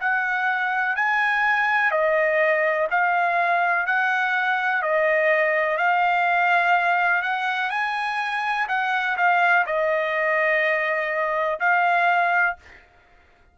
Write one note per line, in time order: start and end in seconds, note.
0.00 0.95 F#5
0.95 1.91 G#5
1.91 2.88 D#5
2.90 3.86 F5
3.86 4.82 F#5
4.82 5.77 D#5
5.77 7.22 F5
7.22 7.70 F#5
7.70 8.67 G#5
8.68 9.16 F#5
9.17 9.65 F5
9.66 11.59 D#5
11.60 12.56 F5